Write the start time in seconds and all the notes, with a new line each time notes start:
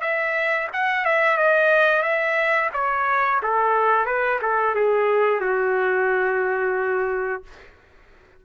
0.00 E5
0.73 F#5
1.04 E5
1.37 D#5
2.02 E5
2.73 C#5
3.42 A4
4.05 B4
4.42 A4
4.75 G#4
5.41 F#4